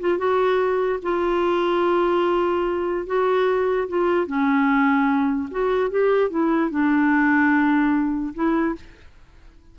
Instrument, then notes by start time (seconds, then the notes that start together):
clarinet
0.00 F4
0.18 F#4
1.02 F4
3.06 F#4
3.88 F4
4.27 C#4
5.51 F#4
5.91 G4
6.30 E4
6.71 D4
8.35 E4